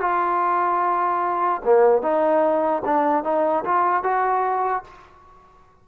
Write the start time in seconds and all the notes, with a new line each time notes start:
0.00 F4
1.65 A#3
2.02 D#4
2.85 D4
3.24 D#4
3.64 F4
4.03 F#4